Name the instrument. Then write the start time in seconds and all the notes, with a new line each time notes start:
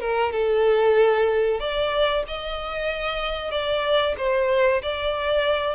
violin
0.00 A#4
0.32 A4
1.60 D5
2.27 D#5
3.51 D5
4.18 C5
4.82 D5